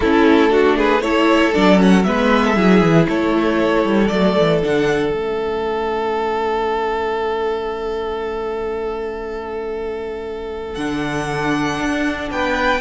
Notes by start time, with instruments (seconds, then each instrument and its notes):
0.00 cello A3, viola C#4, violin E4 A4
0.49 viola D4, violin F#4
0.76 violin G#4 B4
1.01 viola E4, violin A4 C#5
1.53 cello F#3, viola D4, violin D5
1.77 viola C#4, violin F#5
2.03 cello G#3, viola B3, violin B4 E5
2.45 violin A4
2.55 cello F#3, viola E4, violin G#4
2.81 cello E3
3.08 cello A3, violin A4 C#5
3.84 cello G3
4.07 cello F#3, viola A3, violin D5
4.37 cello E3
4.62 cello D3, viola D4, violin F#5
5.13 cello A3, viola C#4, violin E5
10.75 cello D3, viola D4, violin F#5
11.80 cello D4
12.30 cello B3, violin B4 G5